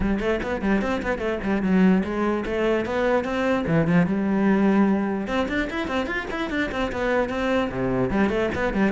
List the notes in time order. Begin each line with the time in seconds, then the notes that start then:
0.00 G3
0.19 A3
0.43 B3
0.61 G3
0.81 C4
1.02 B3
1.18 A3
1.43 G3
1.62 F#3
2.04 G#3
2.45 A3
2.85 B3
3.24 C4
3.67 E3
3.87 F3
4.06 G3
5.27 C4
5.48 D4
5.70 E4
5.87 C4
6.06 F4
6.30 E4
6.50 D4
6.71 C4
6.92 B3
7.29 C4
7.70 C3
8.10 G3
8.29 A3
8.54 B3
8.73 G3